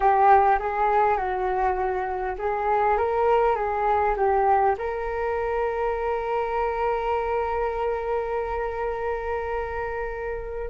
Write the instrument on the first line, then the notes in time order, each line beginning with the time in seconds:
flute
0.00 G4
0.59 G#4
1.17 F#4
2.38 G#4
2.97 A#4
3.55 G#4
4.16 G4
4.78 A#4